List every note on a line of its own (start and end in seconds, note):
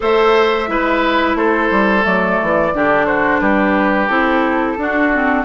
0.00 0.68 A3
0.00 0.67 A4
0.00 0.69 C5
0.00 1.36 E5
0.67 1.35 G#3
0.67 2.02 E4
0.67 1.37 B4
1.35 1.69 A3
1.35 2.73 A4
1.35 2.04 C5
1.71 2.05 G3
2.02 2.39 F#3
2.02 2.70 A3
2.02 3.06 D5
2.42 2.74 E3
2.74 3.40 D3
2.74 4.09 D4
2.74 3.06 G4
3.06 3.40 F#4
3.06 3.40 C5
3.40 4.08 G3
3.40 4.77 G4
3.40 4.08 B4
4.08 4.77 C4
4.08 4.77 E4
4.08 5.44 A4
4.77 5.44 D4
4.77 5.12 D4
4.77 5.44 F#4
5.12 5.44 C4